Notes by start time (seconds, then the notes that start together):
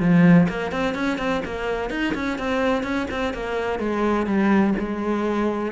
0.00 F3
0.49 A#3
0.72 C4
0.95 C#4
1.18 C4
1.45 A#3
1.90 D#4
2.15 C#4
2.39 C4
2.83 C#4
3.11 C4
3.34 A#3
3.79 G#3
4.27 G3
4.79 G#3